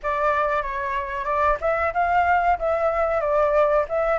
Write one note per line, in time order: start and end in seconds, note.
0.03 0.62 D5
0.62 1.25 C#5
1.25 1.57 D5
1.60 1.93 E5
1.93 2.58 F5
2.58 3.20 E5
3.20 3.85 D5
3.89 4.18 E5